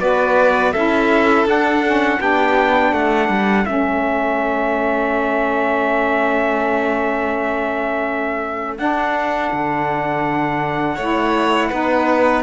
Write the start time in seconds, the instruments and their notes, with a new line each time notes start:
0.00 cello B3, saxophone F#4, violin B4, trumpet D5
0.73 cello C#4, saxophone E4, violin A4, trumpet E5
1.46 cello D4, saxophone D4, trumpet F#5
1.85 saxophone C#4
2.20 cello B3, saxophone D4, violin G4, trumpet G5
2.92 cello A3, violin A4, trumpet F#5
3.29 cello G3
3.65 cello A3, saxophone C#4, trumpet E5
8.78 saxophone D4, cello D4, trumpet F#5
9.54 cello D3
10.96 cello A3, saxophone E4, violin C#5
11.70 cello B3, saxophone D#4, violin B4